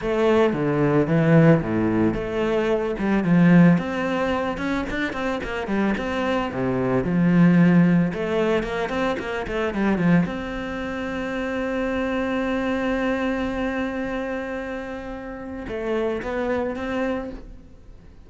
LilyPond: \new Staff \with { instrumentName = "cello" } { \time 4/4 \tempo 4 = 111 a4 d4 e4 a,4 | a4. g8 f4 c'4~ | c'8 cis'8 d'8 c'8 ais8 g8 c'4 | c4 f2 a4 |
ais8 c'8 ais8 a8 g8 f8 c'4~ | c'1~ | c'1~ | c'4 a4 b4 c'4 | }